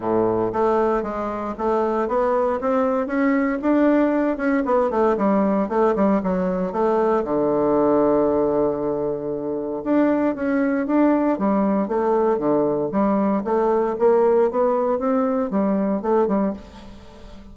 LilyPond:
\new Staff \with { instrumentName = "bassoon" } { \time 4/4 \tempo 4 = 116 a,4 a4 gis4 a4 | b4 c'4 cis'4 d'4~ | d'8 cis'8 b8 a8 g4 a8 g8 | fis4 a4 d2~ |
d2. d'4 | cis'4 d'4 g4 a4 | d4 g4 a4 ais4 | b4 c'4 g4 a8 g8 | }